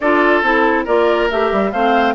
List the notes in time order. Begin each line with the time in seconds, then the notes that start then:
0.00 D4 F4 A4 D5
0.42 C4 E4 A4
0.84 A#3 F4 A#4 D5
1.30 A3 G4 E5
1.52 G3
1.71 A3 C4 C5 F5